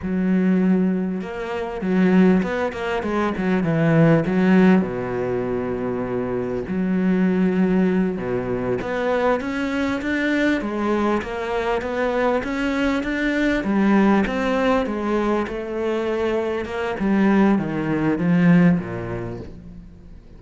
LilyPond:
\new Staff \with { instrumentName = "cello" } { \time 4/4 \tempo 4 = 99 fis2 ais4 fis4 | b8 ais8 gis8 fis8 e4 fis4 | b,2. fis4~ | fis4. b,4 b4 cis'8~ |
cis'8 d'4 gis4 ais4 b8~ | b8 cis'4 d'4 g4 c'8~ | c'8 gis4 a2 ais8 | g4 dis4 f4 ais,4 | }